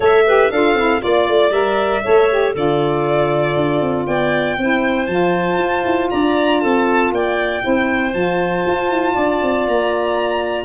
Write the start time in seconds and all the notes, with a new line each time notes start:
0.00 A3 A4 C#5 E5
0.26 G4 B4
0.51 D4 F4 A4 F5
0.74 C4 E4
0.99 A#3 F4 D5
1.28 A3
1.50 G3 A#4 E5
2.04 A3 A4 C#5
2.29 G4
2.53 D3 F4 A4 D5
3.56 D4
3.80 C4
4.06 B3 D5 G5
4.57 C4 E4 C5
5.06 F3 F4 A5
5.57 F4
5.85 E4
6.10 D4 D5 A#5
6.60 C4 A4 A5
7.11 A#3 D5 G5
7.61 C4 E4 C5
8.13 F3 F4 A5
8.66 F4
8.90 E4
9.14 D4 D5
9.42 C4
9.67 A#3 A#5